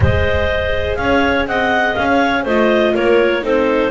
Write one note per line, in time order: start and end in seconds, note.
0.00 0.97 G#3
0.00 2.47 G#4
0.00 0.99 C5
0.00 0.96 D#5
0.96 1.46 C#4
0.96 1.48 C#5
0.96 1.45 F5
1.46 1.95 C4
1.46 2.09 D#5
1.46 1.94 F#5
1.94 2.45 C#4
1.94 2.44 F5
2.10 2.43 C#5
2.43 2.94 A3
2.43 3.42 F4
2.43 2.92 C5
2.43 2.95 D#5
2.94 3.43 A#3
2.94 3.42 A#4
2.94 3.44 C#5
3.42 3.90 C4
3.42 3.90 D#4
3.42 3.90 A4
3.42 3.90 C5